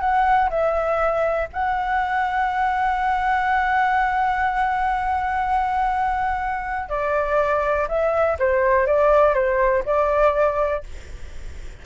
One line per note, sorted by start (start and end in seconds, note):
0.00 0.49 F#5
0.50 1.48 E5
1.52 6.89 F#5
6.89 7.87 D5
7.88 8.37 E5
8.39 8.86 C5
8.86 9.34 D5
9.34 9.83 C5
9.85 10.83 D5